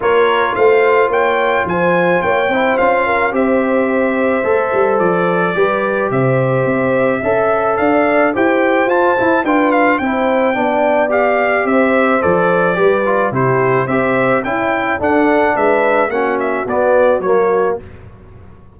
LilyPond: <<
  \new Staff \with { instrumentName = "trumpet" } { \time 4/4 \tempo 4 = 108 cis''4 f''4 g''4 gis''4 | g''4 f''4 e''2~ | e''4 d''2 e''4~ | e''2 f''4 g''4 |
a''4 g''8 f''8 g''2 | f''4 e''4 d''2 | c''4 e''4 g''4 fis''4 | e''4 fis''8 e''8 d''4 cis''4 | }
  \new Staff \with { instrumentName = "horn" } { \time 4/4 ais'4 c''4 cis''4 c''4 | cis''8 c''4 ais'8 c''2~ | c''2 b'4 c''4~ | c''4 e''4 d''4 c''4~ |
c''4 b'4 c''4 d''4~ | d''4 c''2 b'4 | g'4 c''4 e'4 a'4 | b'4 fis'2. | }
  \new Staff \with { instrumentName = "trombone" } { \time 4/4 f'1~ | f'8 e'8 f'4 g'2 | a'2 g'2~ | g'4 a'2 g'4 |
f'8 e'8 f'4 e'4 d'4 | g'2 a'4 g'8 f'8 | e'4 g'4 e'4 d'4~ | d'4 cis'4 b4 ais4 | }
  \new Staff \with { instrumentName = "tuba" } { \time 4/4 ais4 a4 ais4 f4 | ais8 c'8 cis'4 c'2 | a8 g8 f4 g4 c4 | c'4 cis'4 d'4 e'4 |
f'8 e'8 d'4 c'4 b4~ | b4 c'4 f4 g4 | c4 c'4 cis'4 d'4 | gis4 ais4 b4 fis4 | }
>>